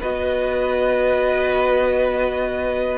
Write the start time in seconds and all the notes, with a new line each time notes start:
0.00 B3 F#4 B4 D#5